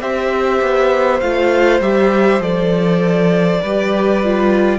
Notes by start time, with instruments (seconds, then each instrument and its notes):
0.00 cello C4, viola G4, violin C5 E5
0.61 cello B3
1.20 cello A3, viola F4, violin F5
1.80 cello G3, viola G4, violin E5
2.39 cello F3, viola A4, violin D5
3.61 cello G3, viola G4, violin B4
4.24 viola F4